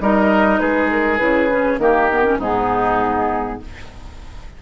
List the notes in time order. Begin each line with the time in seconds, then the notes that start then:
0.00 G3 D#4 A#4 D#5
0.58 G#3 G#4 B4
0.90 A#4
1.18 C#3 E4 B4
1.50 C#4
1.78 D#3 A#3 G4 A#4
2.10 B3
2.25 C#4
2.38 G#2 B3 D#4 G#4